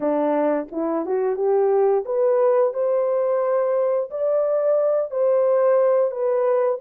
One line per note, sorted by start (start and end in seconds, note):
0.00 0.67 D4
0.71 1.05 E4
1.05 1.36 F#4
1.36 2.04 G4
2.05 2.73 B4
2.73 4.09 C5
4.10 5.10 D5
5.10 6.11 C5
6.11 6.79 B4